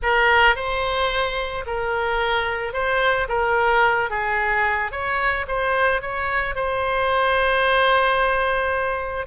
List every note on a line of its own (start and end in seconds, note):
0.02 0.55 A#4
0.55 1.64 C5
1.66 2.73 A#4
2.73 3.27 C5
3.28 4.10 A#4
4.10 4.91 G#4
4.91 5.46 C#5
5.47 6.01 C5
6.01 6.55 C#5
6.55 9.26 C5